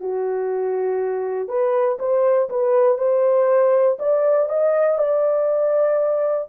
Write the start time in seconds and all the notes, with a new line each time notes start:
0.00 F#4
1.48 B4
1.99 C5
2.49 B4
2.97 C5
3.99 D5
4.49 D#5
4.98 D5